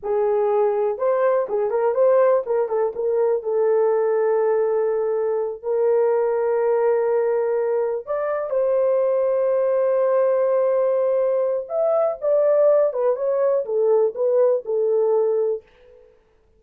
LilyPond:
\new Staff \with { instrumentName = "horn" } { \time 4/4 \tempo 4 = 123 gis'2 c''4 gis'8 ais'8 | c''4 ais'8 a'8 ais'4 a'4~ | a'2.~ a'8 ais'8~ | ais'1~ |
ais'8 d''4 c''2~ c''8~ | c''1 | e''4 d''4. b'8 cis''4 | a'4 b'4 a'2 | }